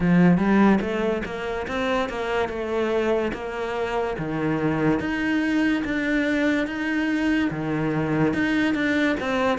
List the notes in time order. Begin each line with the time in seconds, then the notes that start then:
0.00 F3
0.37 G3
0.80 A3
1.25 A#3
1.67 C4
2.09 A#3
2.48 A3
3.33 A#3
4.18 D#3
4.99 D#4
5.84 D4
6.66 D#4
7.50 D#3
8.33 D#4
8.74 D4
9.19 C4